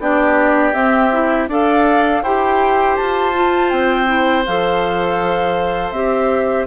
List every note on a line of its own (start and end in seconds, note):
0.00 0.74 B3
0.00 0.74 D4
0.00 1.50 G4
0.00 0.74 D5
0.74 1.11 C4
0.74 1.48 C4
0.74 1.48 E5
1.12 1.49 E4
1.48 2.23 D4
1.48 2.25 A4
1.48 2.23 D5
1.48 2.23 F5
2.23 2.97 E4
2.23 3.34 G4
2.23 6.67 C5
2.23 2.97 G5
2.97 3.72 F4
2.97 3.70 A5
3.34 4.07 F4
3.70 4.46 C4
3.70 4.44 G5
4.07 4.44 E4
4.46 5.92 F3
4.46 5.95 A4
4.46 5.92 F5
5.92 6.66 C4
5.92 6.67 G4
5.92 6.66 E5